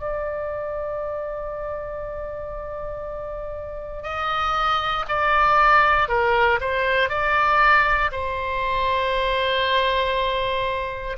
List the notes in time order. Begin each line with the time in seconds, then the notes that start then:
0.00 D5
4.03 D#5
5.08 D5
6.08 A#4
6.60 C5
7.09 D5
8.12 C5